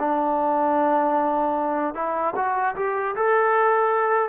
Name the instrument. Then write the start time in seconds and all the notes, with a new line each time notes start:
trombone
0.00 D4
1.95 E4
2.36 F#4
2.76 G4
3.16 A4